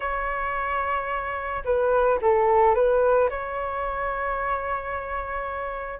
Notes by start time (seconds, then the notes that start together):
0.00 C#5
1.64 B4
2.21 A4
2.74 B4
3.29 C#5